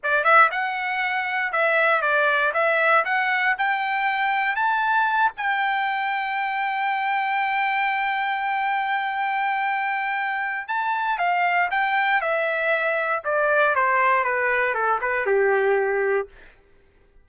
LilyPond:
\new Staff \with { instrumentName = "trumpet" } { \time 4/4 \tempo 4 = 118 d''8 e''8 fis''2 e''4 | d''4 e''4 fis''4 g''4~ | g''4 a''4. g''4.~ | g''1~ |
g''1~ | g''4 a''4 f''4 g''4 | e''2 d''4 c''4 | b'4 a'8 b'8 g'2 | }